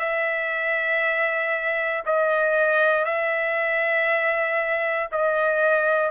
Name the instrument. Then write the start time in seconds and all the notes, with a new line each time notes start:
trumpet
0.00 E5
2.06 D#5
3.06 E5
5.12 D#5